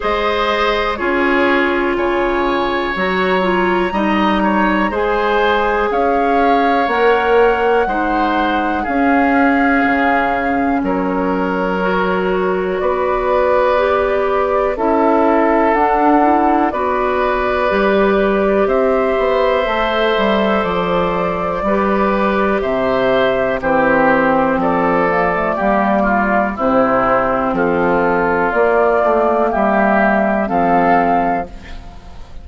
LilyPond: <<
  \new Staff \with { instrumentName = "flute" } { \time 4/4 \tempo 4 = 61 dis''4 cis''4 gis''4 ais''4~ | ais''4 gis''4 f''4 fis''4~ | fis''4 f''2 cis''4~ | cis''4 d''2 e''4 |
fis''4 d''2 e''4~ | e''4 d''2 e''4 | c''4 d''2 c''4 | a'4 d''4 e''4 f''4 | }
  \new Staff \with { instrumentName = "oboe" } { \time 4/4 c''4 gis'4 cis''2 | dis''8 cis''8 c''4 cis''2 | c''4 gis'2 ais'4~ | ais'4 b'2 a'4~ |
a'4 b'2 c''4~ | c''2 b'4 c''4 | g'4 a'4 g'8 f'8 e'4 | f'2 g'4 a'4 | }
  \new Staff \with { instrumentName = "clarinet" } { \time 4/4 gis'4 f'2 fis'8 f'8 | dis'4 gis'2 ais'4 | dis'4 cis'2. | fis'2 g'4 e'4 |
d'8 e'8 fis'4 g'2 | a'2 g'2 | c'4. ais16 a16 ais4 c'4~ | c'4 ais2 c'4 | }
  \new Staff \with { instrumentName = "bassoon" } { \time 4/4 gis4 cis'4 cis4 fis4 | g4 gis4 cis'4 ais4 | gis4 cis'4 cis4 fis4~ | fis4 b2 cis'4 |
d'4 b4 g4 c'8 b8 | a8 g8 f4 g4 c4 | e4 f4 g4 c4 | f4 ais8 a8 g4 f4 | }
>>